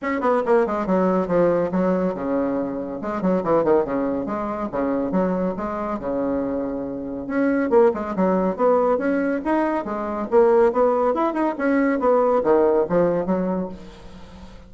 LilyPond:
\new Staff \with { instrumentName = "bassoon" } { \time 4/4 \tempo 4 = 140 cis'8 b8 ais8 gis8 fis4 f4 | fis4 cis2 gis8 fis8 | e8 dis8 cis4 gis4 cis4 | fis4 gis4 cis2~ |
cis4 cis'4 ais8 gis8 fis4 | b4 cis'4 dis'4 gis4 | ais4 b4 e'8 dis'8 cis'4 | b4 dis4 f4 fis4 | }